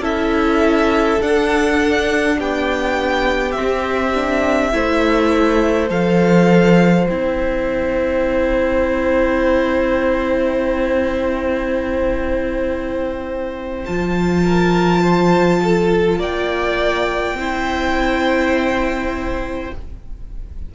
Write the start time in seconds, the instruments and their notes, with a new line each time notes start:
0.00 cello C#4, viola E4, violin A4 E5
1.20 viola D4, cello D4, violin F#5
2.38 cello B3, violin G4 G5
3.51 viola C4, violin E5
3.60 cello C4
4.14 viola D4
4.72 cello A3, viola E4, violin C5
5.89 cello F3, viola A4, violin F5
7.07 cello C4, viola E4, violin G5
13.85 cello F3, viola F4, violin A5
14.43 violin A#4
15.01 violin C5
15.63 violin A4
16.18 cello A#3, violin D5 G5
17.34 cello C4, viola E4, violin C5